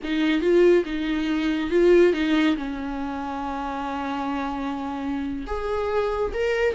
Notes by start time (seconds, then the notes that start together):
0.03 D#4
0.41 F4
0.85 D#4
1.70 F4
2.13 D#4
2.56 C#4
5.46 G#4
6.33 A#4